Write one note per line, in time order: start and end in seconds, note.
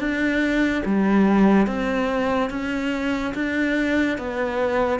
0.00 0.83 D4
0.86 1.67 G3
1.67 2.50 C4
2.51 3.34 C#4
3.35 4.18 D4
4.19 5.00 B3